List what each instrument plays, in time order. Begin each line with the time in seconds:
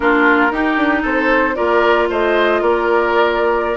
0.00 bassoon A#3, clarinet D4, oboe F4, flute A#4
0.51 bassoon D#4, clarinet D#4, oboe G4
0.77 bassoon D4
1.02 bassoon C4, oboe A4, flute C5
1.54 bassoon A#3, clarinet F4, oboe A#4, flute D5
2.09 bassoon A3, oboe C5, flute D#5
2.61 bassoon A#3, oboe A#4, flute D5